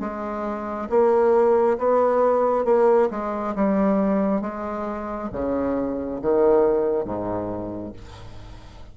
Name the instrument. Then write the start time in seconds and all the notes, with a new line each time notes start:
bassoon
0.00 G#3
0.89 A#3
1.78 B3
2.64 A#3
3.10 G#3
3.55 G3
4.41 G#3
5.32 C#3
6.21 D#3
7.05 G#2